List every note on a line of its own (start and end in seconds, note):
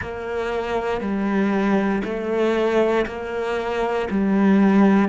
0.00 1.00 A#3
1.00 2.02 G3
2.03 3.05 A3
3.06 4.08 A#3
4.10 5.08 G3